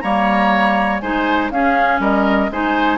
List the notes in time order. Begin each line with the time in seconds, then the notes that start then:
0.00 G3 A#3 C#5 A#5
1.01 G#3 D#4 C5 G#5
1.51 C#4 G#4 F5
1.99 G3 A#4 D#5
2.51 G#3 D#4 C5 G#5